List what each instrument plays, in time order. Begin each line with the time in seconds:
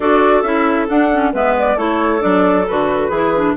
0.00 bassoon D4, clarinet F#4 A4, flute D5
0.42 bassoon C#4, clarinet E4, flute E5
0.88 clarinet D4, bassoon D4, flute F#5
1.12 clarinet C#4
1.32 bassoon G#3, clarinet B3 B4, flute E5
1.58 flute D5
1.75 bassoon A3, clarinet E4 A4, flute C#5
2.20 bassoon F#3, clarinet D4, flute D5
2.67 bassoon D3, clarinet F#4, flute B4
3.08 bassoon E3, clarinet E4 G#4
3.35 clarinet D4